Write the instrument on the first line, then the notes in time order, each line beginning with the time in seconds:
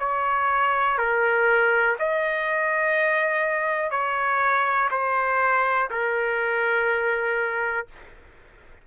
trumpet
0.00 C#5
0.98 A#4
1.99 D#5
3.91 C#5
4.91 C5
5.91 A#4